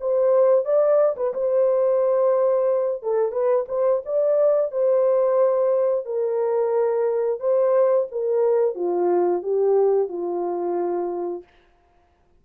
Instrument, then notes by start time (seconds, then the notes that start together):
horn
0.00 C5
0.65 D5
1.16 B4
1.34 C5
3.02 A4
3.32 B4
3.68 C5
4.05 D5
4.71 C5
6.05 A#4
7.40 C5
8.11 A#4
8.75 F4
9.42 G4
10.08 F4